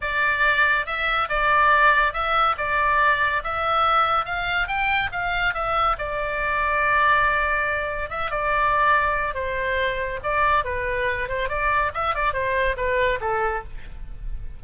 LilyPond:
\new Staff \with { instrumentName = "oboe" } { \time 4/4 \tempo 4 = 141 d''2 e''4 d''4~ | d''4 e''4 d''2 | e''2 f''4 g''4 | f''4 e''4 d''2~ |
d''2. e''8 d''8~ | d''2 c''2 | d''4 b'4. c''8 d''4 | e''8 d''8 c''4 b'4 a'4 | }